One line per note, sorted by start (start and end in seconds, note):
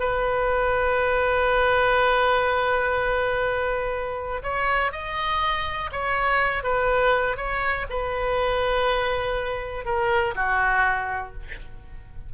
0.00 4.43 B4
4.43 4.92 C#5
4.92 5.91 D#5
5.92 6.63 C#5
6.63 7.37 B4
7.37 7.86 C#5
7.90 9.86 B4
9.86 10.35 A#4
10.35 11.34 F#4